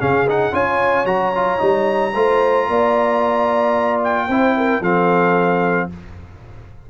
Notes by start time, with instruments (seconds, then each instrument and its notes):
0.00 tuba C#3, trombone C#4, horn G#4, trumpet F5
0.28 trombone D#4, trumpet F#5
0.53 tuba C#4, trombone F4, horn C#5, trumpet G#5
1.05 tuba F#3, trombone F#4, trumpet A#5
1.35 trombone F4
1.58 tuba G3, trombone D#4
2.15 tuba A3, trombone F4, horn C5
2.68 tuba A#3, horn D5
4.04 trumpet G5
4.28 tuba C4, trombone E4, horn C5
4.57 horn A#4
4.81 tuba F3, trombone C4, horn A4, trumpet F5